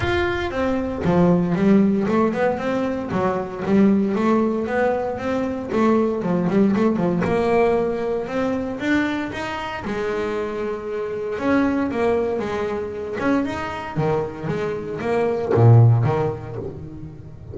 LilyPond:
\new Staff \with { instrumentName = "double bass" } { \time 4/4 \tempo 4 = 116 f'4 c'4 f4 g4 | a8 b8 c'4 fis4 g4 | a4 b4 c'4 a4 | f8 g8 a8 f8 ais2 |
c'4 d'4 dis'4 gis4~ | gis2 cis'4 ais4 | gis4. cis'8 dis'4 dis4 | gis4 ais4 ais,4 dis4 | }